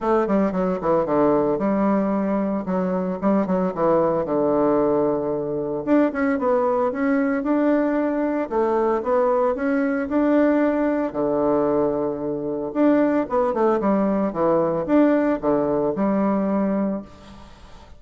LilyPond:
\new Staff \with { instrumentName = "bassoon" } { \time 4/4 \tempo 4 = 113 a8 g8 fis8 e8 d4 g4~ | g4 fis4 g8 fis8 e4 | d2. d'8 cis'8 | b4 cis'4 d'2 |
a4 b4 cis'4 d'4~ | d'4 d2. | d'4 b8 a8 g4 e4 | d'4 d4 g2 | }